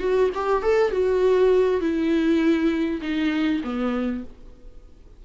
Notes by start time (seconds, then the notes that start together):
0.00 F#4
0.35 G4
0.63 A4
0.92 F#4
1.81 E4
3.02 D#4
3.64 B3